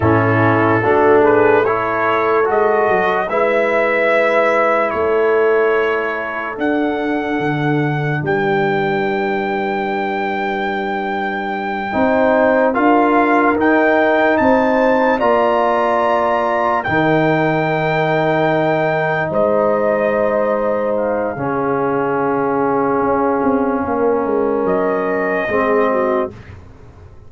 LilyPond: <<
  \new Staff \with { instrumentName = "trumpet" } { \time 4/4 \tempo 4 = 73 a'4. b'8 cis''4 dis''4 | e''2 cis''2 | fis''2 g''2~ | g''2.~ g''8 f''8~ |
f''8 g''4 a''4 ais''4.~ | ais''8 g''2. dis''8~ | dis''4. f''2~ f''8~ | f''2 dis''2 | }
  \new Staff \with { instrumentName = "horn" } { \time 4/4 e'4 fis'8 gis'8 a'2 | b'2 a'2~ | a'2 b'2~ | b'2~ b'8 c''4 ais'8~ |
ais'4. c''4 d''4.~ | d''8 ais'2. c''8~ | c''2 gis'2~ | gis'4 ais'2 gis'8 fis'8 | }
  \new Staff \with { instrumentName = "trombone" } { \time 4/4 cis'4 d'4 e'4 fis'4 | e'1 | d'1~ | d'2~ d'8 dis'4 f'8~ |
f'8 dis'2 f'4.~ | f'8 dis'2.~ dis'8~ | dis'2 cis'2~ | cis'2. c'4 | }
  \new Staff \with { instrumentName = "tuba" } { \time 4/4 a,4 a2 gis8 fis8 | gis2 a2 | d'4 d4 g2~ | g2~ g8 c'4 d'8~ |
d'8 dis'4 c'4 ais4.~ | ais8 dis2. gis8~ | gis2 cis2 | cis'8 c'8 ais8 gis8 fis4 gis4 | }
>>